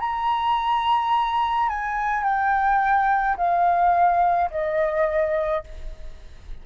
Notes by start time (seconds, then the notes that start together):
0.00 A#5
1.69 G#5
2.24 G5
3.37 F5
4.51 D#5